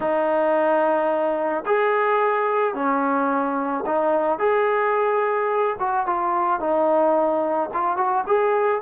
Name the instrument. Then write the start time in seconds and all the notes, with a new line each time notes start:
trombone
0.00 D#4
1.66 G#4
2.74 C#4
3.86 D#4
4.38 G#4
5.79 F#4
6.06 F4
6.60 D#4
7.73 F4
7.96 F#4
8.26 G#4